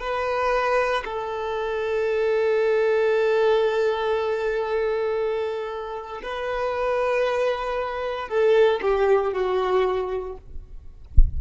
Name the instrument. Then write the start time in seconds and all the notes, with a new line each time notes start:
violin
0.00 B4
1.04 A4
6.22 B4
8.28 A4
8.82 G4
9.32 F#4